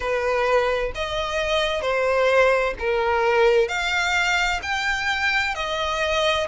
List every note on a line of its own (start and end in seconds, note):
0.00 0.92 B4
0.94 1.81 D#5
1.81 2.74 C5
2.79 3.68 A#4
3.68 4.60 F5
4.62 5.54 G5
5.54 6.47 D#5